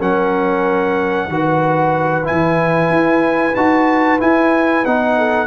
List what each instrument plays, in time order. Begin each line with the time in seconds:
0.00 tuba F#3, trombone C#4, horn A#4, trumpet F#5
1.28 tuba D#3, trombone F#4, horn B4
2.24 trombone E4, trumpet G#5
2.31 tuba E3
2.91 tuba E4
3.56 tuba D#4, trombone F#4, trumpet A5
4.20 trombone E4, tuba E4, trumpet G#5
4.86 tuba B3, trombone D#4, trumpet F#5
5.18 horn A4